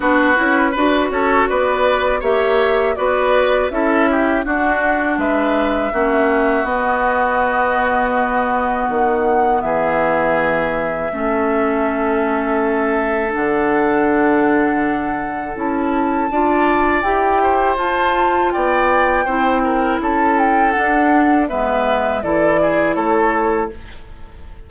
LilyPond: <<
  \new Staff \with { instrumentName = "flute" } { \time 4/4 \tempo 4 = 81 b'4. cis''8 d''4 e''4 | d''4 e''4 fis''4 e''4~ | e''4 dis''2. | fis''4 e''2.~ |
e''2 fis''2~ | fis''4 a''2 g''4 | a''4 g''2 a''8 g''8 | fis''4 e''4 d''4 cis''4 | }
  \new Staff \with { instrumentName = "oboe" } { \time 4/4 fis'4 b'8 a'8 b'4 cis''4 | b'4 a'8 g'8 fis'4 b'4 | fis'1~ | fis'4 gis'2 a'4~ |
a'1~ | a'2 d''4. c''8~ | c''4 d''4 c''8 ais'8 a'4~ | a'4 b'4 a'8 gis'8 a'4 | }
  \new Staff \with { instrumentName = "clarinet" } { \time 4/4 d'8 e'8 fis'2 g'4 | fis'4 e'4 d'2 | cis'4 b2.~ | b2. cis'4~ |
cis'2 d'2~ | d'4 e'4 f'4 g'4 | f'2 e'2 | d'4 b4 e'2 | }
  \new Staff \with { instrumentName = "bassoon" } { \time 4/4 b8 cis'8 d'8 cis'8 b4 ais4 | b4 cis'4 d'4 gis4 | ais4 b2. | dis4 e2 a4~ |
a2 d2~ | d4 cis'4 d'4 e'4 | f'4 b4 c'4 cis'4 | d'4 gis4 e4 a4 | }
>>